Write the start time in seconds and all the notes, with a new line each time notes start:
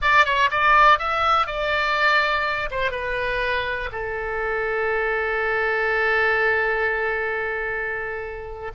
0.01 D5
0.25 C#5
0.50 D5
0.98 E5
1.46 D5
2.70 C5
2.91 B4
3.92 A4